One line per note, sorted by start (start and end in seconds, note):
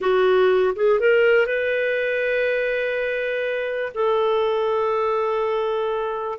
0.00 0.74 F#4
0.75 0.99 G#4
0.99 1.46 A#4
1.46 3.92 B4
3.94 6.38 A4